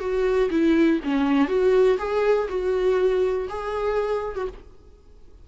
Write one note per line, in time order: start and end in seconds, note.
0.00 0.50 F#4
0.51 1.00 E4
1.05 1.48 C#4
1.48 1.98 F#4
1.99 2.49 G#4
2.49 3.48 F#4
3.50 4.36 G#4
4.36 4.48 F#4